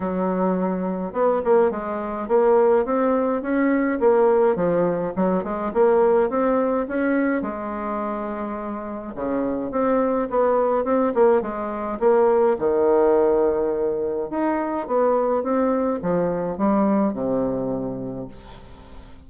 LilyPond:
\new Staff \with { instrumentName = "bassoon" } { \time 4/4 \tempo 4 = 105 fis2 b8 ais8 gis4 | ais4 c'4 cis'4 ais4 | f4 fis8 gis8 ais4 c'4 | cis'4 gis2. |
cis4 c'4 b4 c'8 ais8 | gis4 ais4 dis2~ | dis4 dis'4 b4 c'4 | f4 g4 c2 | }